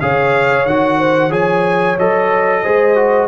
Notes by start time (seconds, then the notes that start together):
0.00 C#3 G#4 C#5 F5
0.66 D#3 F#4 F#5
0.98 C5
1.30 F3 G#4 C#5 G#5
1.98 F#3 A4 D#5
2.63 G#3 G#4 C5
2.95 F#4